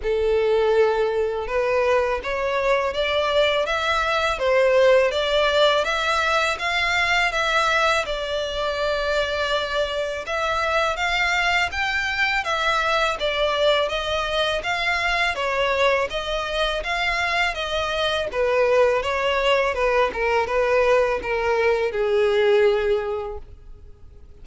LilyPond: \new Staff \with { instrumentName = "violin" } { \time 4/4 \tempo 4 = 82 a'2 b'4 cis''4 | d''4 e''4 c''4 d''4 | e''4 f''4 e''4 d''4~ | d''2 e''4 f''4 |
g''4 e''4 d''4 dis''4 | f''4 cis''4 dis''4 f''4 | dis''4 b'4 cis''4 b'8 ais'8 | b'4 ais'4 gis'2 | }